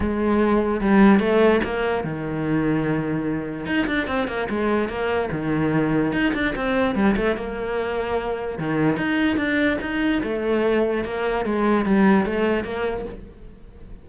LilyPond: \new Staff \with { instrumentName = "cello" } { \time 4/4 \tempo 4 = 147 gis2 g4 a4 | ais4 dis2.~ | dis4 dis'8 d'8 c'8 ais8 gis4 | ais4 dis2 dis'8 d'8 |
c'4 g8 a8 ais2~ | ais4 dis4 dis'4 d'4 | dis'4 a2 ais4 | gis4 g4 a4 ais4 | }